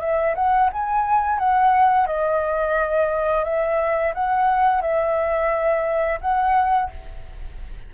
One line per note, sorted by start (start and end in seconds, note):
0.00 0.34 E5
0.35 0.70 F#5
0.72 1.39 G#5
1.39 2.07 F#5
2.07 3.44 D#5
3.44 4.13 E5
4.14 4.82 F#5
4.82 6.19 E5
6.21 6.90 F#5